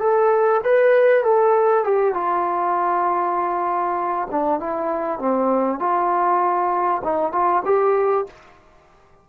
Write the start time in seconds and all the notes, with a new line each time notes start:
0.00 A4
0.64 B4
1.23 A4
1.84 G4
2.14 F4
4.31 D4
4.60 E4
5.19 C4
5.79 F4
7.04 D#4
7.32 F4
7.65 G4